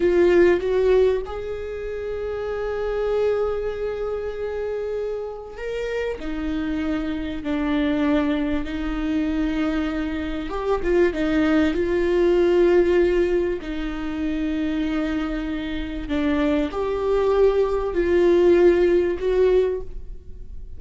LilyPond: \new Staff \with { instrumentName = "viola" } { \time 4/4 \tempo 4 = 97 f'4 fis'4 gis'2~ | gis'1~ | gis'4 ais'4 dis'2 | d'2 dis'2~ |
dis'4 g'8 f'8 dis'4 f'4~ | f'2 dis'2~ | dis'2 d'4 g'4~ | g'4 f'2 fis'4 | }